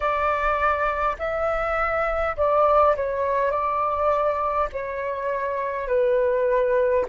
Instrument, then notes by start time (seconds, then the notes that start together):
flute
0.00 D5
1.18 E5
2.36 D5
2.96 C#5
3.51 D5
4.72 C#5
5.87 B4